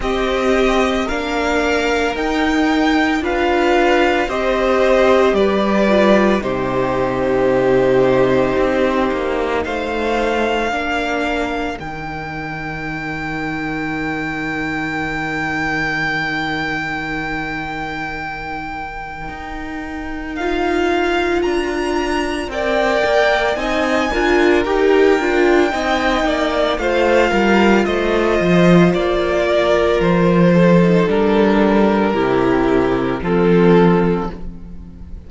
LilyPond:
<<
  \new Staff \with { instrumentName = "violin" } { \time 4/4 \tempo 4 = 56 dis''4 f''4 g''4 f''4 | dis''4 d''4 c''2~ | c''4 f''2 g''4~ | g''1~ |
g''2. f''4 | ais''4 g''4 gis''4 g''4~ | g''4 f''4 dis''4 d''4 | c''4 ais'2 a'4 | }
  \new Staff \with { instrumentName = "violin" } { \time 4/4 g'4 ais'2 b'4 | c''4 b'4 g'2~ | g'4 c''4 ais'2~ | ais'1~ |
ais'1~ | ais'4 d''4 dis''8 ais'4. | dis''8 d''8 c''8 ais'8 c''4. ais'8~ | ais'8 a'4. g'4 f'4 | }
  \new Staff \with { instrumentName = "viola" } { \time 4/4 c'4 d'4 dis'4 f'4 | g'4. f'8 dis'2~ | dis'2 d'4 dis'4~ | dis'1~ |
dis'2. f'4~ | f'4 ais'4 dis'8 f'8 g'8 f'8 | dis'4 f'2.~ | f'8. dis'16 d'4 e'4 c'4 | }
  \new Staff \with { instrumentName = "cello" } { \time 4/4 c'4 ais4 dis'4 d'4 | c'4 g4 c2 | c'8 ais8 a4 ais4 dis4~ | dis1~ |
dis2 dis'2 | d'4 c'8 ais8 c'8 d'8 dis'8 d'8 | c'8 ais8 a8 g8 a8 f8 ais4 | f4 g4 c4 f4 | }
>>